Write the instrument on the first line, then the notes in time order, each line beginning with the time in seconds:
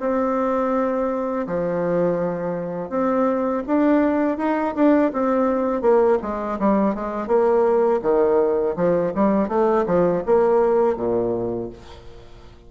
bassoon
0.00 C4
1.47 F3
2.89 C4
3.67 D4
4.38 D#4
4.75 D4
5.13 C4
5.81 A#3
6.22 G#3
6.59 G3
6.95 G#3
7.27 A#3
8.02 D#3
8.76 F3
9.15 G3
9.49 A3
9.86 F3
10.26 A#3
10.97 A#2